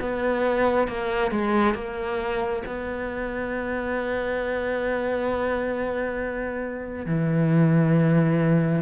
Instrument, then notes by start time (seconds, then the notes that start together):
cello
0.00 B3
0.87 A#3
1.31 G#3
1.74 A#3
2.66 B3
7.05 E3